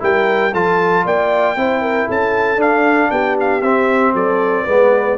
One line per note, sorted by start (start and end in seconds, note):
0.00 0.54 G3
0.00 0.52 E4
0.00 0.53 A#4
0.00 0.54 G5
0.53 1.05 F3
0.53 1.57 F4
0.53 1.05 A4
0.53 1.06 A5
1.05 1.56 A#3
1.05 1.57 D5
1.05 2.11 G5
1.56 2.08 C4
1.56 2.58 E4
1.56 1.82 C5
1.82 2.07 A#4
2.07 2.57 C#4
2.07 3.11 A4
2.07 2.62 A5
2.57 3.08 D4
2.57 3.61 D4
2.57 3.11 F5
3.11 3.62 B3
3.11 4.14 G4
3.11 3.37 G5
3.40 3.62 F5
3.62 4.14 C4
3.62 4.68 C4
3.62 4.13 E5
4.14 4.66 F#3
4.14 4.64 A4
4.14 5.18 D5
4.64 5.18 G#3
4.64 5.18 B3
4.64 5.15 B4